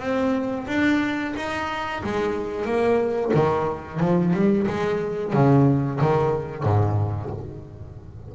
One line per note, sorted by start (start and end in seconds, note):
0.00 0.67 C4
0.68 1.34 D4
1.36 2.03 D#4
2.04 2.65 G#3
2.65 3.32 A#3
3.34 4.00 D#3
4.00 4.34 F3
4.34 4.67 G3
4.67 5.33 G#3
5.33 6.00 C#3
6.01 6.64 D#3
6.64 7.31 G#2